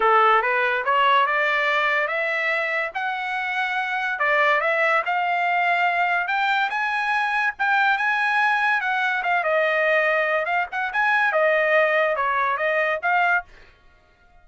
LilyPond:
\new Staff \with { instrumentName = "trumpet" } { \time 4/4 \tempo 4 = 143 a'4 b'4 cis''4 d''4~ | d''4 e''2 fis''4~ | fis''2 d''4 e''4 | f''2. g''4 |
gis''2 g''4 gis''4~ | gis''4 fis''4 f''8 dis''4.~ | dis''4 f''8 fis''8 gis''4 dis''4~ | dis''4 cis''4 dis''4 f''4 | }